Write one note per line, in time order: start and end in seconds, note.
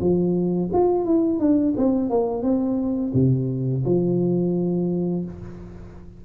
0.00 0.70 F3
0.73 1.05 F4
1.05 1.39 E4
1.39 1.74 D4
1.77 2.10 C4
2.10 2.42 A#3
2.42 3.12 C4
3.14 3.83 C3
3.85 5.24 F3